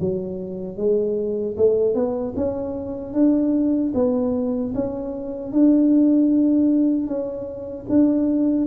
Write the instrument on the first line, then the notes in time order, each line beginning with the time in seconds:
tuba
0.00 F#3
0.77 G#3
1.56 A3
1.94 B3
2.36 C#4
3.13 D4
3.94 B3
4.74 C#4
5.52 D4
7.07 C#4
7.89 D4